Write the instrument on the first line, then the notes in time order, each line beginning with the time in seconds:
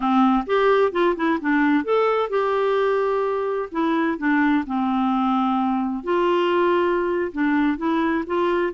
clarinet
0.00 C4
0.46 G4
0.92 F4
1.16 E4
1.41 D4
1.84 A4
2.29 G4
3.71 E4
4.18 D4
4.66 C4
6.03 F4
7.32 D4
7.77 E4
8.26 F4